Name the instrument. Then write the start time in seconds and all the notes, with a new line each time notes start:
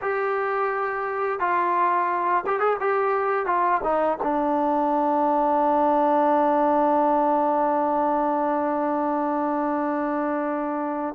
trombone
0.01 G4
1.40 F4
2.46 G4
2.59 G#4
2.80 G4
3.46 F4
3.83 D#4
4.22 D4